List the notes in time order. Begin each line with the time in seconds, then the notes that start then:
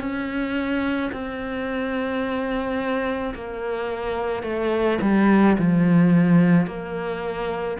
0.00 C#4
1.12 C4
3.34 A#3
4.42 A3
5.01 G3
5.58 F3
6.66 A#3